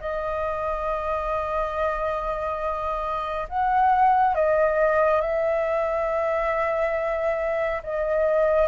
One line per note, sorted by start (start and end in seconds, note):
0.00 3.48 D#5
3.49 4.35 F#5
4.35 5.21 D#5
5.21 7.82 E5
7.83 8.68 D#5